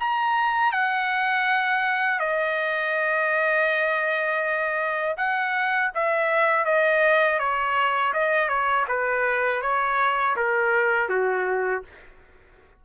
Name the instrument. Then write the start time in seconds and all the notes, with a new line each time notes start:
trumpet
0.00 A#5
0.72 F#5
2.20 D#5
5.17 F#5
5.95 E5
6.65 D#5
7.39 C#5
8.13 D#5
8.48 C#5
8.88 B4
9.62 C#5
10.36 A#4
11.09 F#4